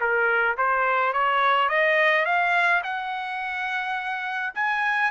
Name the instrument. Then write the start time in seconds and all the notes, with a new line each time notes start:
trumpet
0.00 A#4
0.57 C5
1.13 C#5
1.69 D#5
2.25 F5
2.84 F#5
4.55 G#5